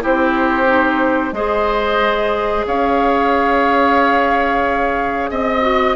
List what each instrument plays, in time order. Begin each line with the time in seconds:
0.00 bassoon C4, clarinet E4, oboe G4, flute C5
0.66 clarinet D#4
1.32 bassoon G#3, clarinet G#4, oboe C5, flute D#5
2.66 bassoon C#4, oboe C#5, flute F5
5.30 bassoon C4, flute D#5, oboe D#5
5.61 clarinet F#4